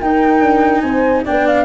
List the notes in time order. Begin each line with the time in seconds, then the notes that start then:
0.00 D#4 A#4 G5
0.40 D4
0.80 C4 C5 G#5
1.24 B3 D4 D5 G5
1.47 F5